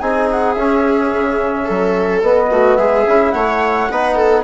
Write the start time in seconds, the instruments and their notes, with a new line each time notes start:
0.00 bassoon C4, trombone D#4, viola G#4, flute G#5
0.31 flute F#5
0.53 bassoon C#4, trombone C#4, flute E5
1.12 bassoon C#3
1.64 bassoon F#3, viola A4
2.22 bassoon B3, trombone B3, flute D#5
2.50 bassoon A3, viola F#4
2.76 bassoon G#3, viola G#4, flute E5
3.07 bassoon C#4, trombone E4
3.31 bassoon A3, viola C#5, flute F#5
3.90 bassoon B3, trombone D#4, viola B4
4.15 viola A4